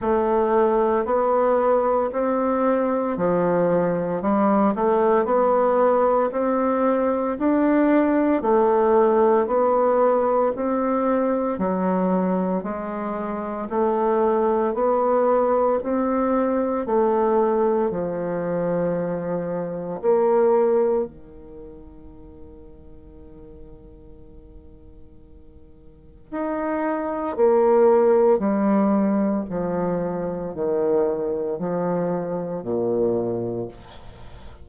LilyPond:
\new Staff \with { instrumentName = "bassoon" } { \time 4/4 \tempo 4 = 57 a4 b4 c'4 f4 | g8 a8 b4 c'4 d'4 | a4 b4 c'4 fis4 | gis4 a4 b4 c'4 |
a4 f2 ais4 | dis1~ | dis4 dis'4 ais4 g4 | f4 dis4 f4 ais,4 | }